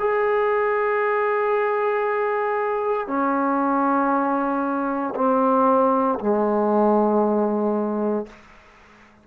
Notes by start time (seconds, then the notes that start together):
0.00 G#4
3.08 C#4
5.16 C4
6.20 G#3